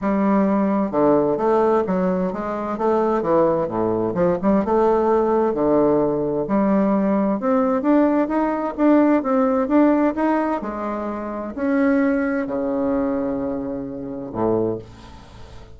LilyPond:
\new Staff \with { instrumentName = "bassoon" } { \time 4/4 \tempo 4 = 130 g2 d4 a4 | fis4 gis4 a4 e4 | a,4 f8 g8 a2 | d2 g2 |
c'4 d'4 dis'4 d'4 | c'4 d'4 dis'4 gis4~ | gis4 cis'2 cis4~ | cis2. a,4 | }